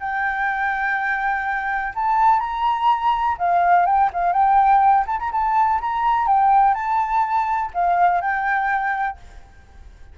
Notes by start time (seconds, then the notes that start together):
0.00 G5
1.95 A5
2.40 A#5
3.38 F5
3.86 G5
4.13 F5
4.33 G5
5.07 A5
5.20 A#5
5.32 A5
5.81 A#5
6.27 G5
6.75 A5
7.74 F5
8.21 G5